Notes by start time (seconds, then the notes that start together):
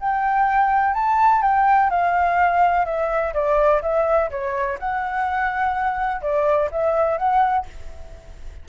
0.00 G5
0.94 A5
1.42 G5
1.90 F5
2.85 E5
3.33 D5
3.82 E5
4.30 C#5
4.79 F#5
6.22 D5
6.71 E5
7.18 F#5